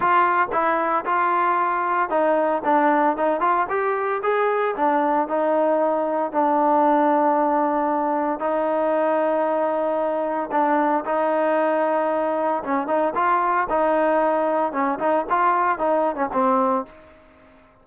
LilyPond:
\new Staff \with { instrumentName = "trombone" } { \time 4/4 \tempo 4 = 114 f'4 e'4 f'2 | dis'4 d'4 dis'8 f'8 g'4 | gis'4 d'4 dis'2 | d'1 |
dis'1 | d'4 dis'2. | cis'8 dis'8 f'4 dis'2 | cis'8 dis'8 f'4 dis'8. cis'16 c'4 | }